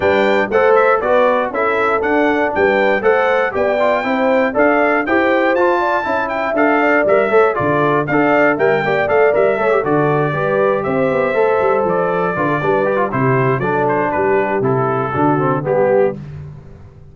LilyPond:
<<
  \new Staff \with { instrumentName = "trumpet" } { \time 4/4 \tempo 4 = 119 g''4 fis''8 e''8 d''4 e''4 | fis''4 g''4 fis''4 g''4~ | g''4 f''4 g''4 a''4~ | a''8 g''8 f''4 e''4 d''4 |
f''4 g''4 f''8 e''4 d''8~ | d''4. e''2 d''8~ | d''2 c''4 d''8 c''8 | b'4 a'2 g'4 | }
  \new Staff \with { instrumentName = "horn" } { \time 4/4 b'4 c''4 b'4 a'4~ | a'4 b'4 c''4 d''4 | c''4 d''4 c''4. d''8 | e''4. d''4 cis''8 a'4 |
d''4 e''8 d''4. cis''8 a'8~ | a'8 b'4 c''2~ c''8~ | c''8 b'16 a'16 b'4 g'4 a'4 | g'2 fis'4 g'4 | }
  \new Staff \with { instrumentName = "trombone" } { \time 4/4 d'4 a'4 fis'4 e'4 | d'2 a'4 g'8 f'8 | e'4 a'4 g'4 f'4 | e'4 a'4 ais'8 a'8 f'4 |
a'4 ais'8 g'8 a'8 ais'8 a'16 g'16 fis'8~ | fis'8 g'2 a'4.~ | a'8 f'8 d'8 g'16 f'16 e'4 d'4~ | d'4 e'4 d'8 c'8 b4 | }
  \new Staff \with { instrumentName = "tuba" } { \time 4/4 g4 a4 b4 cis'4 | d'4 g4 a4 b4 | c'4 d'4 e'4 f'4 | cis'4 d'4 g8 a8 d4 |
d'4 g8 ais8 a8 g8 a8 d8~ | d8 g4 c'8 b8 a8 g8 f8~ | f8 d8 g4 c4 fis4 | g4 c4 d4 g4 | }
>>